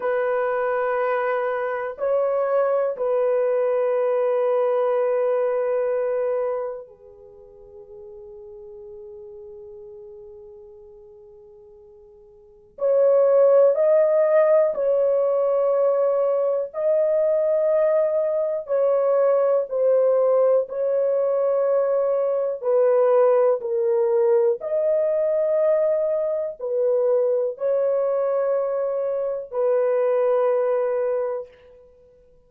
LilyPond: \new Staff \with { instrumentName = "horn" } { \time 4/4 \tempo 4 = 61 b'2 cis''4 b'4~ | b'2. gis'4~ | gis'1~ | gis'4 cis''4 dis''4 cis''4~ |
cis''4 dis''2 cis''4 | c''4 cis''2 b'4 | ais'4 dis''2 b'4 | cis''2 b'2 | }